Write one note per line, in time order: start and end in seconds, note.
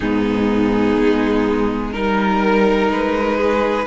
0.00 0.97 G#2
0.00 1.93 B3
0.00 1.92 D#4
0.00 1.92 G#4
0.98 1.94 G#3
1.92 2.90 G3
1.92 3.86 D#4
1.92 2.89 A#4
1.92 3.37 A#4
2.90 3.86 G#3
2.90 3.86 B4
3.37 3.85 G#4